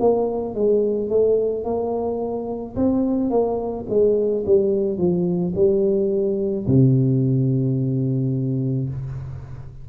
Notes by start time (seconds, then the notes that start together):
0.00 A#3
0.55 G#3
1.09 A3
1.64 A#3
2.76 C4
3.30 A#3
3.89 G#3
4.45 G3
4.98 F3
5.55 G3
6.67 C3